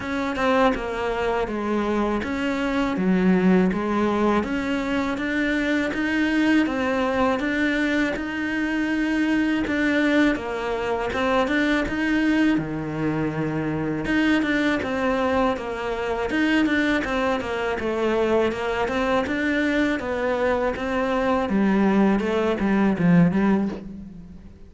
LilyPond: \new Staff \with { instrumentName = "cello" } { \time 4/4 \tempo 4 = 81 cis'8 c'8 ais4 gis4 cis'4 | fis4 gis4 cis'4 d'4 | dis'4 c'4 d'4 dis'4~ | dis'4 d'4 ais4 c'8 d'8 |
dis'4 dis2 dis'8 d'8 | c'4 ais4 dis'8 d'8 c'8 ais8 | a4 ais8 c'8 d'4 b4 | c'4 g4 a8 g8 f8 g8 | }